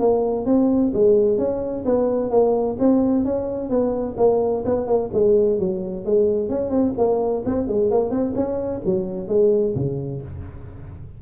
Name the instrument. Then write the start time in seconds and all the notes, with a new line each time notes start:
tuba
0.00 A#3
0.46 C4
0.94 G#3
1.38 C#4
1.85 B3
2.30 A#3
2.79 C4
3.25 C#4
3.70 B3
4.18 A#3
4.65 B3
4.87 A#3
5.14 G#3
5.59 F#3
6.06 G#3
6.49 C#4
6.70 C4
6.98 A#3
7.46 C4
7.68 G#3
7.91 A#3
8.11 C4
8.35 C#4
8.86 F#3
9.28 G#3
9.75 C#3